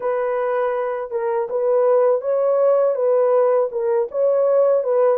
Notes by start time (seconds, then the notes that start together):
0.00 B4
1.10 A#4
1.49 B4
2.21 C#5
2.95 B4
3.71 A#4
4.11 C#5
4.83 B4